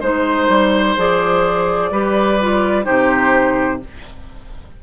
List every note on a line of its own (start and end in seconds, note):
0.00 0.48 G#3
0.00 0.97 D#4
0.00 1.90 C5
0.00 0.98 C5
0.48 0.96 G3
0.97 1.91 F3
0.97 1.92 G#4
0.97 2.85 D5
1.91 2.86 G3
1.91 2.40 G4
1.91 2.85 B4
2.41 2.84 F4
2.84 3.83 C3
2.84 3.79 D#4
2.84 3.81 G4
2.84 3.80 C5